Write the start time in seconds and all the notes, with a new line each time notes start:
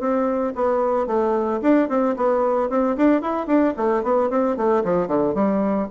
0.00 C4
0.55 B3
1.07 A3
1.62 D4
1.89 C4
2.16 B3
2.70 C4
2.97 D4
3.22 E4
3.47 D4
3.77 A3
4.03 B3
4.30 C4
4.57 A3
4.84 F3
5.07 D3
5.34 G3